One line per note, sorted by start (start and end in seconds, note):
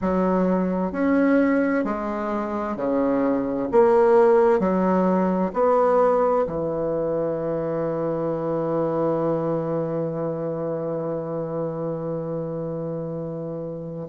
0.01 0.92 F#3
0.92 1.84 C#4
1.84 2.76 G#3
2.76 3.68 C#3
3.71 4.59 A#3
4.59 5.51 F#3
5.53 6.45 B3
6.47 14.08 E3